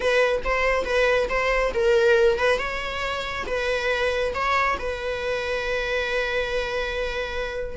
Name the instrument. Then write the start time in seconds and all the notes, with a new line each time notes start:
viola
0.00 B4
0.44 C5
0.84 B4
1.29 C5
1.74 A#4
2.38 B4
2.58 C#5
3.46 B4
4.34 C#5
4.78 B4